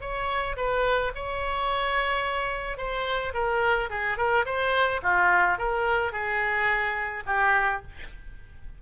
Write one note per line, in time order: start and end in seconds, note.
0.00 0.56 C#5
0.56 1.12 B4
1.14 2.77 C#5
2.77 3.33 C5
3.34 3.89 A#4
3.89 4.17 G#4
4.17 4.45 A#4
4.45 5.01 C5
5.02 5.58 F4
5.58 6.12 A#4
6.12 7.23 G#4
7.26 7.82 G4